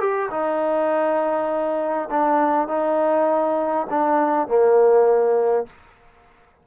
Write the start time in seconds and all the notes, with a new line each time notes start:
0.00 G4
0.31 D#4
2.10 D4
2.68 D#4
3.90 D4
4.48 A#3